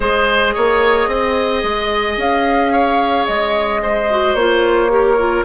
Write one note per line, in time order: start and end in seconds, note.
0.00 0.54 G#3
0.00 4.07 G#4
0.00 0.54 C5
0.00 2.19 D#5
0.54 1.07 A#3
0.54 1.09 C#5
1.07 1.62 C4
1.07 2.72 D#5
1.63 2.17 G#3
2.17 3.26 C#4
2.17 3.26 F5
2.72 3.81 C#5
3.26 4.34 G#3
3.26 4.35 D#5
3.82 4.91 C5
4.10 4.37 F#4
4.34 5.43 A#3
4.34 4.89 F4
4.34 5.44 C#5
4.89 5.16 G4
4.89 5.45 A#4
5.18 5.45 F4